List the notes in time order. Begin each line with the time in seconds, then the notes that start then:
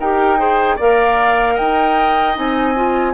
0.00 D#4 G4 A#4 G5
0.38 G#4 C5
0.76 A#3 A#4 D5 F5
1.55 D#4 D#5 G5
2.35 C4 D#4 G#5
2.76 F4